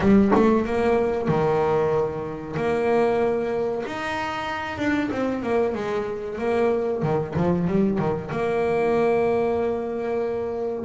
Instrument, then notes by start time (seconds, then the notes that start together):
double bass
0.00 G3
0.35 A3
0.65 A#3
1.28 D#3
2.56 A#3
3.86 D#4
4.78 D4
5.11 C4
5.42 A#3
5.74 G#3
6.38 A#3
7.02 D#3
7.36 F3
7.67 G3
7.98 D#3
8.31 A#3